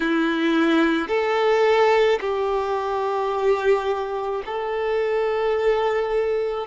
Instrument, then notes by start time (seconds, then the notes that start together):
violin
0.00 E4
1.08 A4
2.20 G4
4.45 A4